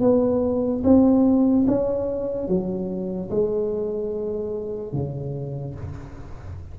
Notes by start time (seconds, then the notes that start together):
0.00 B3
0.83 C4
1.67 C#4
2.47 F#3
3.30 G#3
4.92 C#3